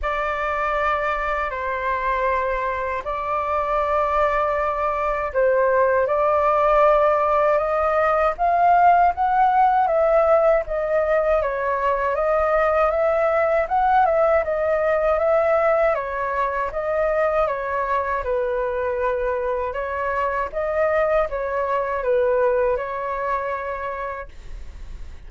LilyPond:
\new Staff \with { instrumentName = "flute" } { \time 4/4 \tempo 4 = 79 d''2 c''2 | d''2. c''4 | d''2 dis''4 f''4 | fis''4 e''4 dis''4 cis''4 |
dis''4 e''4 fis''8 e''8 dis''4 | e''4 cis''4 dis''4 cis''4 | b'2 cis''4 dis''4 | cis''4 b'4 cis''2 | }